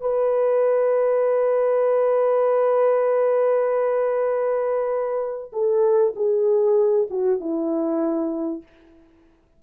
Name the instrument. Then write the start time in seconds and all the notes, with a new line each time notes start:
horn
0.00 B4
5.52 A4
6.16 G#4
7.10 F#4
7.40 E4